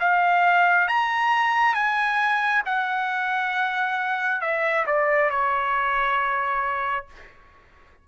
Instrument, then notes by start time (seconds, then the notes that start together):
trumpet
0.00 F5
0.88 A#5
1.74 G#5
2.66 F#5
4.41 E5
4.86 D5
5.30 C#5